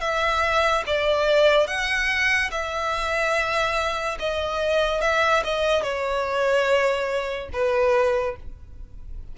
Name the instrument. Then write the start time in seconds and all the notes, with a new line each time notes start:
violin
0.00 E5
0.86 D5
1.67 F#5
2.51 E5
4.19 D#5
5.01 E5
5.44 D#5
5.83 C#5
7.53 B4